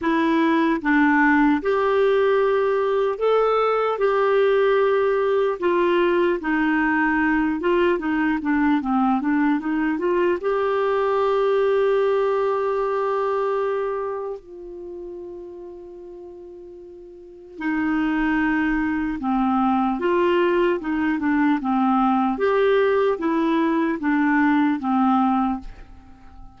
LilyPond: \new Staff \with { instrumentName = "clarinet" } { \time 4/4 \tempo 4 = 75 e'4 d'4 g'2 | a'4 g'2 f'4 | dis'4. f'8 dis'8 d'8 c'8 d'8 | dis'8 f'8 g'2.~ |
g'2 f'2~ | f'2 dis'2 | c'4 f'4 dis'8 d'8 c'4 | g'4 e'4 d'4 c'4 | }